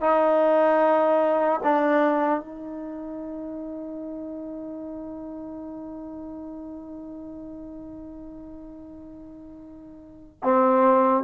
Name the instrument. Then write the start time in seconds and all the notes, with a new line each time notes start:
trombone
0.00 D#4
1.63 D4
2.39 D#4
10.43 C4